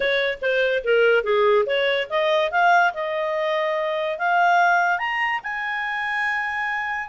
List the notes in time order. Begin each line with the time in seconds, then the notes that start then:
0.00 C#5
0.41 C5
0.84 A#4
1.23 G#4
1.66 C#5
2.09 D#5
2.51 F5
2.93 D#5
4.18 F5
4.98 A#5
5.43 G#5